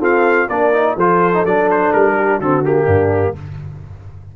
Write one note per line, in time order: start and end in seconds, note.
0.00 0.48 C4
0.00 0.49 F4
0.00 0.48 A4
0.00 0.50 F5
0.50 0.96 A#3
0.50 0.73 D4
0.50 0.96 A#4
0.50 0.97 D5
0.73 0.97 D#4
0.96 1.44 F3
0.96 1.34 F4
0.96 2.15 A4
0.96 1.46 C5
1.34 1.46 D#4
1.45 1.93 F#3
1.45 2.42 D4
1.45 1.70 D5
1.71 1.93 C5
1.93 2.41 G3
1.93 2.41 A#4
2.17 2.38 G4
2.38 2.87 D3
2.38 2.64 C4
2.38 2.85 F#4
2.38 2.65 A4
2.64 3.36 A#3
2.64 3.37 G4
2.85 3.35 G2
2.85 3.33 D4